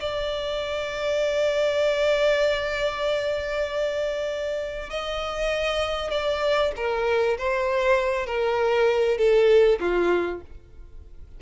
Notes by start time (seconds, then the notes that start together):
0.00 D5
4.90 D#5
6.11 D5
6.76 A#4
7.38 C5
8.26 A#4
9.18 A4
9.80 F4